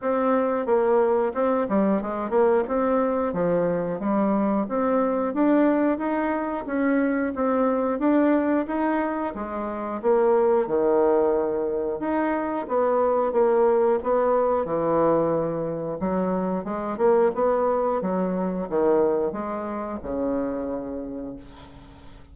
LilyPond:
\new Staff \with { instrumentName = "bassoon" } { \time 4/4 \tempo 4 = 90 c'4 ais4 c'8 g8 gis8 ais8 | c'4 f4 g4 c'4 | d'4 dis'4 cis'4 c'4 | d'4 dis'4 gis4 ais4 |
dis2 dis'4 b4 | ais4 b4 e2 | fis4 gis8 ais8 b4 fis4 | dis4 gis4 cis2 | }